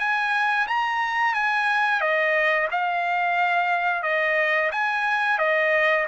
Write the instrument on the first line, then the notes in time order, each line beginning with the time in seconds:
trumpet
0.00 G#5
0.67 A#5
1.35 G#5
2.01 D#5
2.72 F5
4.03 D#5
4.72 G#5
5.39 D#5